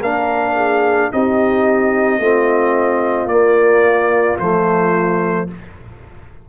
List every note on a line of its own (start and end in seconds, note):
0.00 1.11 A#3
0.00 1.12 D4
0.00 0.55 A#4
0.00 1.12 F5
0.55 1.10 G#4
1.12 2.19 C4
1.12 2.21 D#4
1.12 2.22 G4
1.12 3.28 D#5
2.19 3.26 A3
2.19 3.29 C4
2.19 5.49 F4
3.26 4.35 A#3
3.26 4.38 A#3
3.26 4.37 D5
4.39 5.49 F3
4.39 5.48 A3
4.39 5.48 C5